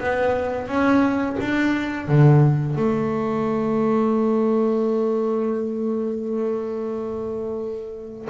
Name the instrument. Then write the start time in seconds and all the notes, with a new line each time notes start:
double bass
0.00 B3
0.68 C#4
1.41 D4
2.08 D3
2.76 A3